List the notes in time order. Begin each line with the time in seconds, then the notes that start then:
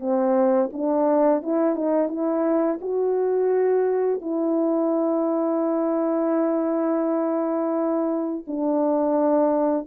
0.00 C4
0.73 D4
1.43 E4
1.76 D#4
2.09 E4
2.82 F#4
4.22 E4
8.48 D4